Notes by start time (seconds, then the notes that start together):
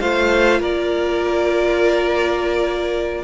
0.00 A3 F4 C5 F5
0.60 A#3 A#4 D5